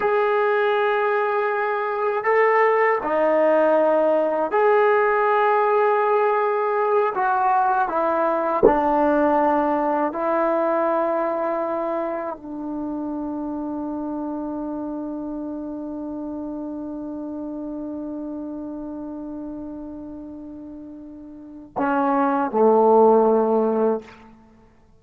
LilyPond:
\new Staff \with { instrumentName = "trombone" } { \time 4/4 \tempo 4 = 80 gis'2. a'4 | dis'2 gis'2~ | gis'4. fis'4 e'4 d'8~ | d'4. e'2~ e'8~ |
e'8 d'2.~ d'8~ | d'1~ | d'1~ | d'4 cis'4 a2 | }